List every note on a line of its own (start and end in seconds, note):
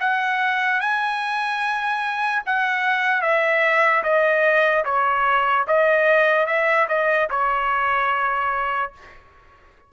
0.00 0.80 F#5
0.80 2.43 G#5
2.46 3.22 F#5
3.22 4.03 E5
4.03 4.84 D#5
4.85 5.66 C#5
5.67 6.47 D#5
6.47 6.87 E5
6.88 7.29 D#5
7.30 8.93 C#5